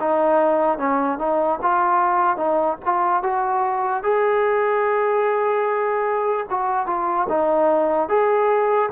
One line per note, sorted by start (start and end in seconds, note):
0.00 0.77 D#4
0.77 1.18 C#4
1.18 1.59 D#4
1.62 2.37 F4
2.37 2.77 D#4
2.85 3.22 F4
3.22 4.03 F#4
4.03 6.46 G#4
6.49 6.86 F#4
6.86 7.27 F4
7.29 8.08 D#4
8.08 8.89 G#4